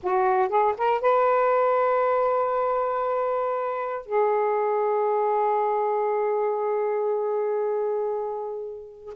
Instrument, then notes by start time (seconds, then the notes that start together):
saxophone
0.02 F#4
0.49 G#4
0.77 A#4
1.01 B4
4.05 G#4